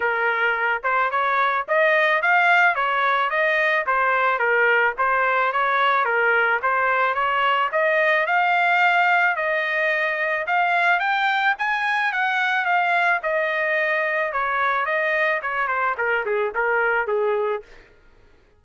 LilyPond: \new Staff \with { instrumentName = "trumpet" } { \time 4/4 \tempo 4 = 109 ais'4. c''8 cis''4 dis''4 | f''4 cis''4 dis''4 c''4 | ais'4 c''4 cis''4 ais'4 | c''4 cis''4 dis''4 f''4~ |
f''4 dis''2 f''4 | g''4 gis''4 fis''4 f''4 | dis''2 cis''4 dis''4 | cis''8 c''8 ais'8 gis'8 ais'4 gis'4 | }